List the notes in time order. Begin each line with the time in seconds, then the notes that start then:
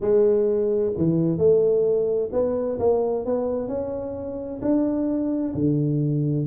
0.00 G#3
0.97 E3
1.37 A3
2.32 B3
2.79 A#3
3.25 B3
3.68 C#4
4.61 D4
5.54 D3